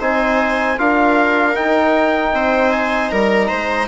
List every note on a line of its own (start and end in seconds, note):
0.00 0.79 C4
0.00 0.78 D#4
0.00 0.78 C5
0.00 0.79 G#5
0.78 1.57 D4
0.78 1.55 F4
0.78 2.35 A#4
0.78 1.56 F5
1.55 3.88 D#4
1.55 2.33 D#4
1.55 2.72 G5
2.33 3.11 C4
2.33 3.12 C5
2.72 3.10 G#5
3.10 3.51 G3
3.10 3.48 A#4
3.10 3.87 A#5
3.48 3.88 G#3
3.48 3.87 C5